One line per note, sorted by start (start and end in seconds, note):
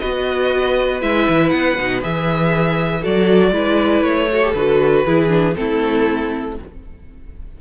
0.00 1.02 B3
0.00 1.01 F#4
0.00 3.00 B4
0.00 1.01 D#5
1.01 1.27 G#3
1.01 1.77 E4
1.01 1.50 E5
1.28 1.52 E3
1.50 1.77 B3
1.50 2.00 F#5
1.78 2.03 B2
1.78 2.02 D#4
2.02 3.05 E3
2.02 3.02 G#4
2.02 3.04 E5
3.00 3.52 F#3
3.00 3.53 F#4
3.00 3.51 A4
3.00 4.03 D5
3.52 4.02 G#3
3.52 4.28 E4
3.52 4.29 B4
4.02 4.52 A3
4.02 4.53 C#5
4.32 4.43 F#4
4.32 5.06 A4
4.43 4.56 G4
4.54 5.05 D3
4.54 5.07 F#4
4.54 5.55 B4
5.06 5.57 E3
5.06 5.29 E4
5.06 5.56 G#4
5.29 5.54 D4
5.55 6.59 A3
5.55 6.56 C4
5.55 6.61 E4
5.55 6.56 A4